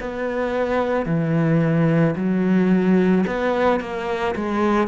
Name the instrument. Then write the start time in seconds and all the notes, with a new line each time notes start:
cello
0.00 B3
1.06 E3
2.16 F#3
3.26 B3
3.80 A#3
4.35 G#3